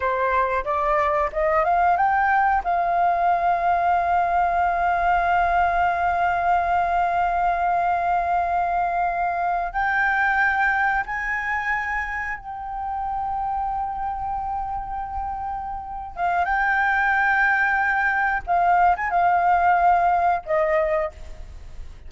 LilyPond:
\new Staff \with { instrumentName = "flute" } { \time 4/4 \tempo 4 = 91 c''4 d''4 dis''8 f''8 g''4 | f''1~ | f''1~ | f''2~ f''8. g''4~ g''16~ |
g''8. gis''2 g''4~ g''16~ | g''1~ | g''8 f''8 g''2. | f''8. gis''16 f''2 dis''4 | }